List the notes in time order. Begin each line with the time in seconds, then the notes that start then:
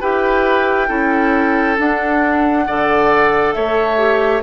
0.00 E4 G4 B4 G5
0.88 C#4 E4 A4
1.77 D4 F#5
2.66 D3 A4 D5
3.53 A3 C#5 E5
3.97 G4